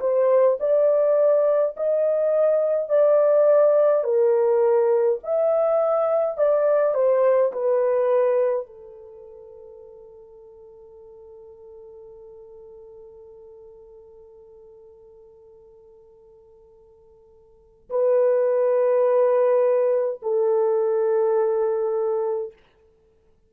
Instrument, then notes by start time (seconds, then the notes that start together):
horn
0.00 C5
0.60 D5
1.77 D#5
2.89 D5
4.03 A#4
5.23 E5
6.37 D5
6.94 C5
7.53 B4
8.66 A4
17.90 B4
20.22 A4